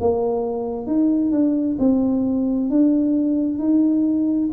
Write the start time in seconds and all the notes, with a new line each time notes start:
0.00 A#3
0.86 D#4
1.31 D4
1.79 C4
2.70 D4
3.58 D#4